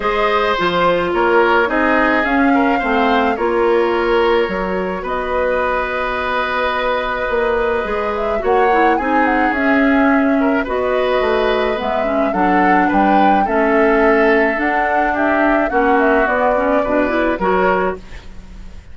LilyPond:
<<
  \new Staff \with { instrumentName = "flute" } { \time 4/4 \tempo 4 = 107 dis''4 c''4 cis''4 dis''4 | f''2 cis''2~ | cis''4 dis''2.~ | dis''2~ dis''8 e''8 fis''4 |
gis''8 fis''8 e''2 dis''4~ | dis''4 e''4 fis''4 g''4 | e''2 fis''4 e''4 | fis''8 e''8 d''2 cis''4 | }
  \new Staff \with { instrumentName = "oboe" } { \time 4/4 c''2 ais'4 gis'4~ | gis'8 ais'8 c''4 ais'2~ | ais'4 b'2.~ | b'2. cis''4 |
gis'2~ gis'8 ais'8 b'4~ | b'2 a'4 b'4 | a'2. g'4 | fis'2 b'4 ais'4 | }
  \new Staff \with { instrumentName = "clarinet" } { \time 4/4 gis'4 f'2 dis'4 | cis'4 c'4 f'2 | fis'1~ | fis'2 gis'4 fis'8 e'8 |
dis'4 cis'2 fis'4~ | fis'4 b8 cis'8 d'2 | cis'2 d'2 | cis'4 b8 cis'8 d'8 e'8 fis'4 | }
  \new Staff \with { instrumentName = "bassoon" } { \time 4/4 gis4 f4 ais4 c'4 | cis'4 a4 ais2 | fis4 b2.~ | b4 ais4 gis4 ais4 |
c'4 cis'2 b4 | a4 gis4 fis4 g4 | a2 d'2 | ais4 b4 b,4 fis4 | }
>>